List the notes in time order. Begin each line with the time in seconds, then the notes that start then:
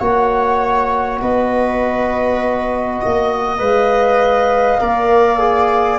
0.00 A#3 F#4 C#5 F#5
1.21 B3 B4 D#5
3.01 A#3 D#5
3.58 G#3 B4 F5
4.80 A#3 A#4 D5
5.39 G#4